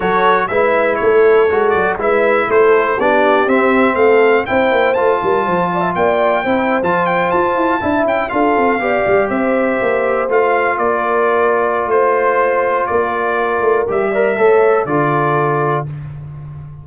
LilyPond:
<<
  \new Staff \with { instrumentName = "trumpet" } { \time 4/4 \tempo 4 = 121 cis''4 e''4 cis''4. d''8 | e''4 c''4 d''4 e''4 | f''4 g''4 a''2 | g''4.~ g''16 a''8 g''8 a''4~ a''16~ |
a''16 g''8 f''2 e''4~ e''16~ | e''8. f''4 d''2~ d''16 | c''2 d''2 | e''2 d''2 | }
  \new Staff \with { instrumentName = "horn" } { \time 4/4 a'4 b'4 a'2 | b'4 a'4 g'2 | a'4 c''4. ais'8 c''8 d''16 e''16 | d''4 c''2~ c''8. e''16~ |
e''8. a'4 d''4 c''4~ c''16~ | c''4.~ c''16 ais'2~ ais'16 | c''2 ais'2~ | ais'8 d''8 cis''4 a'2 | }
  \new Staff \with { instrumentName = "trombone" } { \time 4/4 fis'4 e'2 fis'4 | e'2 d'4 c'4~ | c'4 e'4 f'2~ | f'4 e'8. f'2 e'16~ |
e'8. f'4 g'2~ g'16~ | g'8. f'2.~ f'16~ | f'1 | g'8 ais'8 a'4 f'2 | }
  \new Staff \with { instrumentName = "tuba" } { \time 4/4 fis4 gis4 a4 gis8 fis8 | gis4 a4 b4 c'4 | a4 c'8 ais8 a8 g8 f4 | ais4 c'8. f4 f'8 e'8 d'16~ |
d'16 cis'8 d'8 c'8 b8 g8 c'4 ais16~ | ais8. a4 ais2~ ais16 | a2 ais4. a8 | g4 a4 d2 | }
>>